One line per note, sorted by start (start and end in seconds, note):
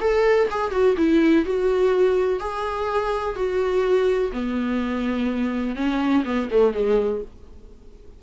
0.00 0.48 A4
0.50 0.71 G#4
0.71 0.95 F#4
0.97 1.45 E4
1.45 2.39 F#4
2.39 3.35 G#4
3.35 4.31 F#4
4.32 5.75 B3
5.75 6.23 C#4
6.24 6.48 B3
6.50 6.73 A3
6.73 7.21 G#3